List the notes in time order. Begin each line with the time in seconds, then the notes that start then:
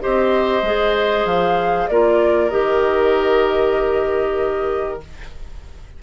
0.00 C4 G4 C5 D#5
0.62 G#3 G#4
1.25 F3 F5
1.88 A#3 F4 A#4 D5
2.50 D#3 G4 D#5